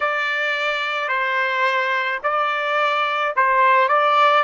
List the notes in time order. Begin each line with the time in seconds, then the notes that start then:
0.00 D5
1.08 C5
2.23 D5
3.35 C5
3.88 D5